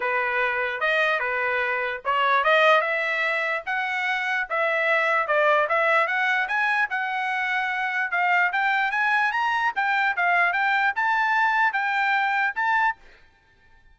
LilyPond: \new Staff \with { instrumentName = "trumpet" } { \time 4/4 \tempo 4 = 148 b'2 dis''4 b'4~ | b'4 cis''4 dis''4 e''4~ | e''4 fis''2 e''4~ | e''4 d''4 e''4 fis''4 |
gis''4 fis''2. | f''4 g''4 gis''4 ais''4 | g''4 f''4 g''4 a''4~ | a''4 g''2 a''4 | }